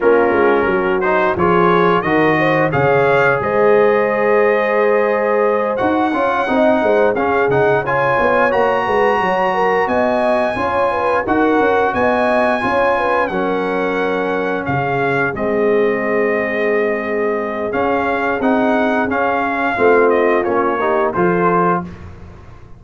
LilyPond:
<<
  \new Staff \with { instrumentName = "trumpet" } { \time 4/4 \tempo 4 = 88 ais'4. c''8 cis''4 dis''4 | f''4 dis''2.~ | dis''8 fis''2 f''8 fis''8 gis''8~ | gis''8 ais''2 gis''4.~ |
gis''8 fis''4 gis''2 fis''8~ | fis''4. f''4 dis''4.~ | dis''2 f''4 fis''4 | f''4. dis''8 cis''4 c''4 | }
  \new Staff \with { instrumentName = "horn" } { \time 4/4 f'4 fis'4 gis'4 ais'8 c''8 | cis''4 c''2.~ | c''4 cis''8 dis''8 c''8 gis'4 cis''8~ | cis''4 b'8 cis''8 ais'8 dis''4 cis''8 |
b'8 ais'4 dis''4 cis''8 b'8 ais'8~ | ais'4. gis'2~ gis'8~ | gis'1~ | gis'4 f'4. g'8 a'4 | }
  \new Staff \with { instrumentName = "trombone" } { \time 4/4 cis'4. dis'8 f'4 fis'4 | gis'1~ | gis'8 fis'8 f'8 dis'4 cis'8 dis'8 f'8~ | f'8 fis'2. f'8~ |
f'8 fis'2 f'4 cis'8~ | cis'2~ cis'8 c'4.~ | c'2 cis'4 dis'4 | cis'4 c'4 cis'8 dis'8 f'4 | }
  \new Staff \with { instrumentName = "tuba" } { \time 4/4 ais8 gis8 fis4 f4 dis4 | cis4 gis2.~ | gis8 dis'8 cis'8 c'8 gis8 cis'8 cis4 | b8 ais8 gis8 fis4 b4 cis'8~ |
cis'8 dis'8 cis'8 b4 cis'4 fis8~ | fis4. cis4 gis4.~ | gis2 cis'4 c'4 | cis'4 a4 ais4 f4 | }
>>